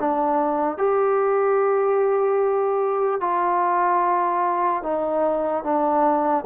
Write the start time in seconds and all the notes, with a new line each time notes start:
0.00 D4
0.78 G4
3.21 F4
4.83 D#4
5.64 D4